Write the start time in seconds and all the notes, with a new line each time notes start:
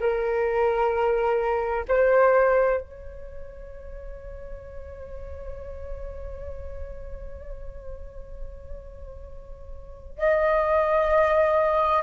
0.00 A#4
1.88 C5
2.81 C#5
10.18 D#5